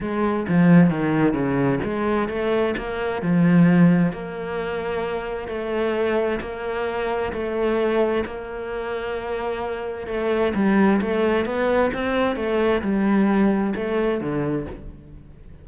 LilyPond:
\new Staff \with { instrumentName = "cello" } { \time 4/4 \tempo 4 = 131 gis4 f4 dis4 cis4 | gis4 a4 ais4 f4~ | f4 ais2. | a2 ais2 |
a2 ais2~ | ais2 a4 g4 | a4 b4 c'4 a4 | g2 a4 d4 | }